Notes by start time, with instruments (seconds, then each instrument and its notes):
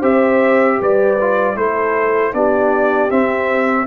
0.00 tuba C4, trombone G4, horn C5, trumpet E5
0.80 tuba G3, horn B4, trumpet D5
1.20 trombone F4
1.56 tuba A3, trombone E4, horn A4, trumpet C5
2.33 tuba B3, trombone D4, horn G4, trumpet D5
3.09 trombone C4, tuba C4, trumpet E5